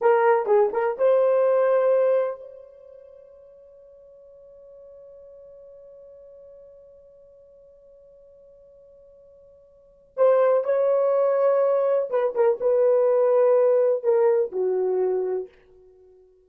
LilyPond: \new Staff \with { instrumentName = "horn" } { \time 4/4 \tempo 4 = 124 ais'4 gis'8 ais'8 c''2~ | c''4 cis''2.~ | cis''1~ | cis''1~ |
cis''1~ | cis''4 c''4 cis''2~ | cis''4 b'8 ais'8 b'2~ | b'4 ais'4 fis'2 | }